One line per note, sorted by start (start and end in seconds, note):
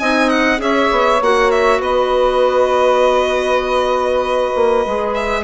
0.00 0.59 C4
0.00 0.57 D#4
0.00 0.61 D#5
0.00 0.30 G#5
0.30 0.60 F#5
0.57 0.90 C#4
0.57 1.18 G#4
0.57 1.79 C#5
0.57 1.23 E5
0.92 1.21 B3
1.21 1.80 A#3
1.21 4.86 F#4
1.21 1.51 F#5
1.51 1.82 E5
1.79 4.53 B3
1.79 5.42 B4
1.79 5.14 D#5
4.55 4.86 A#3
4.86 5.45 G#3
4.86 5.45 G#4
5.14 5.44 E5